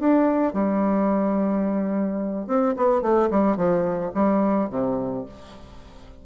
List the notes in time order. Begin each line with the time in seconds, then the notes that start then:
0.00 D4
0.53 G3
2.47 C4
2.77 B3
3.02 A3
3.31 G3
3.57 F3
4.14 G3
4.70 C3